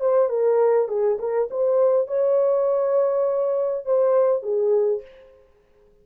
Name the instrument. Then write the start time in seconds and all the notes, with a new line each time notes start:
horn
0.00 C5
0.29 A#4
0.88 G#4
1.19 A#4
1.50 C5
2.07 C#5
3.85 C5
4.42 G#4